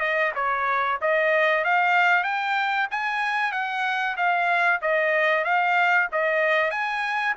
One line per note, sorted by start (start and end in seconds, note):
0.00 0.32 D#5
0.35 0.99 C#5
1.01 1.65 D#5
1.65 2.24 F5
2.24 2.88 G5
2.91 3.52 G#5
3.52 4.16 F#5
4.17 4.80 F5
4.82 5.44 D#5
5.44 6.08 F5
6.12 6.71 D#5
6.71 7.35 G#5